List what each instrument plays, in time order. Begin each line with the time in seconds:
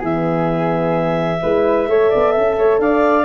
0.00 tuba E3, horn B3, flute G#4, clarinet E5
1.42 tuba G#3, horn E4, flute B4
1.88 tuba A3, horn A4, flute C#5
2.10 tuba B3, flute D5
2.32 tuba C#4, flute E5
2.58 tuba A3, flute C#5
2.80 tuba D4, flute D5, clarinet F5